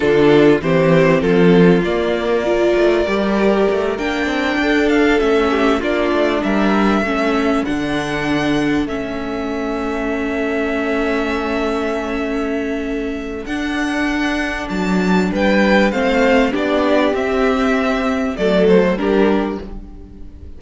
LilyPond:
<<
  \new Staff \with { instrumentName = "violin" } { \time 4/4 \tempo 4 = 98 a'4 c''4 a'4 d''4~ | d''2~ d''8 g''4. | f''8 e''4 d''4 e''4.~ | e''8 fis''2 e''4.~ |
e''1~ | e''2 fis''2 | a''4 g''4 f''4 d''4 | e''2 d''8 c''8 ais'4 | }
  \new Staff \with { instrumentName = "violin" } { \time 4/4 f'4 g'4 f'2 | ais'2.~ ais'8 a'8~ | a'4 g'8 f'4 ais'4 a'8~ | a'1~ |
a'1~ | a'1~ | a'4 b'4 c''4 g'4~ | g'2 a'4 g'4 | }
  \new Staff \with { instrumentName = "viola" } { \time 4/4 d'4 c'2 ais4 | f'4 g'4. d'4.~ | d'8 cis'4 d'2 cis'8~ | cis'8 d'2 cis'4.~ |
cis'1~ | cis'2 d'2~ | d'2 c'4 d'4 | c'2 a4 d'4 | }
  \new Staff \with { instrumentName = "cello" } { \time 4/4 d4 e4 f4 ais4~ | ais8 a8 g4 a8 ais8 c'8 d'8~ | d'8 a4 ais8 a8 g4 a8~ | a8 d2 a4.~ |
a1~ | a2 d'2 | fis4 g4 a4 b4 | c'2 fis4 g4 | }
>>